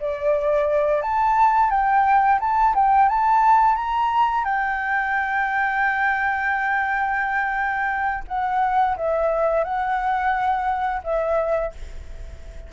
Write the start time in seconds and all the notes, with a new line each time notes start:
0.00 D5
1.02 A5
1.70 G5
2.40 A5
2.75 G5
3.09 A5
3.76 A#5
4.45 G5
8.28 F#5
8.97 E5
9.64 F#5
11.03 E5